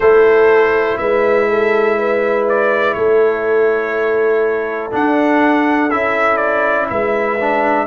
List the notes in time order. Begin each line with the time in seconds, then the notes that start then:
0.00 A3 E4 A4 C5
0.97 G#3 B4 E5
1.49 A4
1.98 B4
2.48 D5
2.93 A3 A4 C#5
4.91 D4 F#5
5.90 C#4 E4 E5
6.36 D5
6.89 G#3 B4 E5
7.40 D4